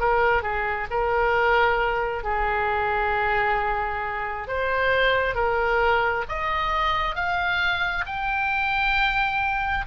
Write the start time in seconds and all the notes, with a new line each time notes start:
0.00 A#4
0.43 G#4
0.91 A#4
2.24 G#4
4.48 C5
5.35 A#4
6.29 D#5
7.16 F5
8.06 G5